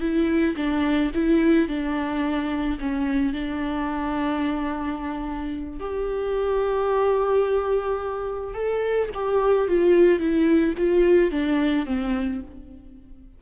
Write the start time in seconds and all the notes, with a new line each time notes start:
0.00 E4
0.56 D4
1.14 E4
1.68 D4
2.79 C#4
3.33 D4
5.79 G4
8.54 A4
9.14 G4
9.67 F4
10.19 E4
10.77 F4
11.31 D4
11.85 C4